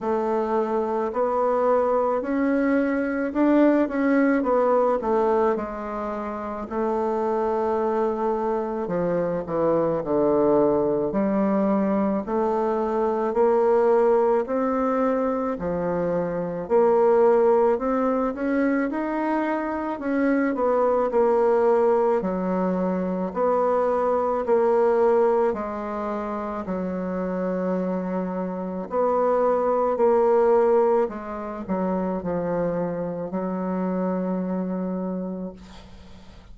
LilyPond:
\new Staff \with { instrumentName = "bassoon" } { \time 4/4 \tempo 4 = 54 a4 b4 cis'4 d'8 cis'8 | b8 a8 gis4 a2 | f8 e8 d4 g4 a4 | ais4 c'4 f4 ais4 |
c'8 cis'8 dis'4 cis'8 b8 ais4 | fis4 b4 ais4 gis4 | fis2 b4 ais4 | gis8 fis8 f4 fis2 | }